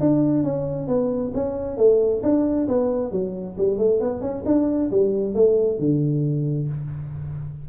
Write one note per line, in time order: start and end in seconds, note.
0.00 0.44 D4
0.44 0.88 C#4
0.88 1.32 B3
1.35 1.77 C#4
1.77 2.22 A3
2.23 2.68 D4
2.68 3.12 B3
3.12 3.57 F#3
3.58 3.78 G3
3.78 4.00 A3
4.00 4.21 B3
4.21 4.44 C#4
4.46 4.90 D4
4.91 5.35 G3
5.35 5.79 A3
5.79 6.68 D3